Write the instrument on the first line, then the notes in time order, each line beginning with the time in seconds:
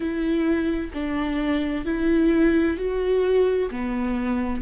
viola
0.00 E4
0.93 D4
1.85 E4
2.77 F#4
3.70 B3